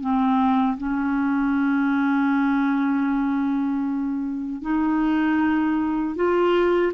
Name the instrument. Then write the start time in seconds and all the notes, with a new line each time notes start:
clarinet
0.00 C4
0.77 C#4
4.61 D#4
6.15 F4